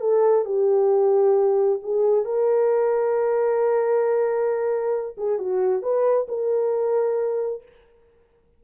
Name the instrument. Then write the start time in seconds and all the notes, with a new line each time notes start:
horn
0.00 A4
0.45 G4
1.82 G#4
2.24 A#4
5.17 G#4
5.38 F#4
5.82 B4
6.28 A#4